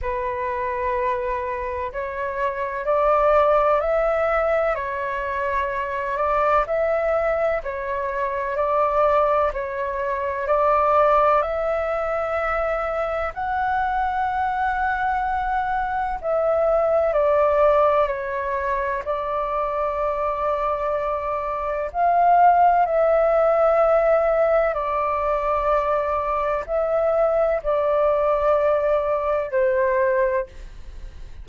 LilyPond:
\new Staff \with { instrumentName = "flute" } { \time 4/4 \tempo 4 = 63 b'2 cis''4 d''4 | e''4 cis''4. d''8 e''4 | cis''4 d''4 cis''4 d''4 | e''2 fis''2~ |
fis''4 e''4 d''4 cis''4 | d''2. f''4 | e''2 d''2 | e''4 d''2 c''4 | }